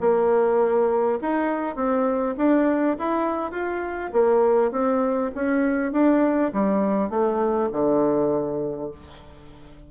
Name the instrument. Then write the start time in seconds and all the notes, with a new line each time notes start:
bassoon
0.00 A#3
1.21 D#4
1.76 C4
2.37 D4
2.99 E4
3.51 F4
4.13 A#3
4.71 C4
5.35 C#4
5.92 D4
6.53 G3
7.10 A3
7.72 D3